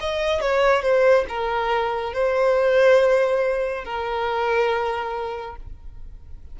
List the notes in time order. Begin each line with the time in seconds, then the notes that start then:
0.00 D#5
0.41 C#5
0.83 C5
1.29 A#4
2.14 C5
3.85 A#4